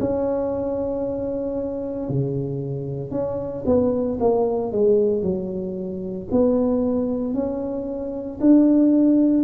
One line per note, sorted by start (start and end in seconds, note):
0.00 2.09 C#4
2.09 3.11 C#3
3.11 3.64 C#4
3.66 4.19 B3
4.20 4.72 A#3
4.72 5.22 G#3
5.22 6.28 F#3
6.32 7.34 B3
7.34 8.39 C#4
8.41 9.44 D4